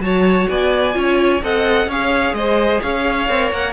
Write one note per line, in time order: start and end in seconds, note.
0.00 0.47 F#3
0.00 0.94 F#4
0.00 0.50 C#5
0.00 0.48 A5
0.49 0.96 B3
0.49 0.97 D5
0.49 1.42 G#5
0.94 1.42 C#4
0.94 1.40 F4
0.94 1.44 C#5
1.43 1.87 C4
1.43 1.90 A4
1.43 1.88 D#5
1.43 1.91 F#5
1.87 2.33 C#4
1.87 3.29 G#4
1.87 2.35 C#5
1.87 2.35 F5
2.33 2.80 G#3
2.33 2.83 C5
2.33 2.81 D#5
2.82 3.29 C#4
2.82 3.73 C#5
2.82 3.52 F5
3.29 3.52 C4
3.29 3.73 A#4
3.52 3.73 A#3
3.52 3.73 F#5